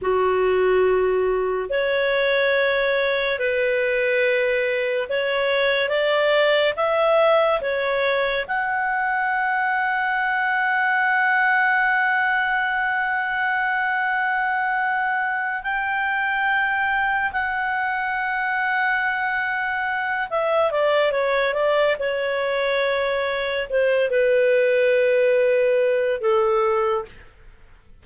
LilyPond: \new Staff \with { instrumentName = "clarinet" } { \time 4/4 \tempo 4 = 71 fis'2 cis''2 | b'2 cis''4 d''4 | e''4 cis''4 fis''2~ | fis''1~ |
fis''2~ fis''8 g''4.~ | g''8 fis''2.~ fis''8 | e''8 d''8 cis''8 d''8 cis''2 | c''8 b'2~ b'8 a'4 | }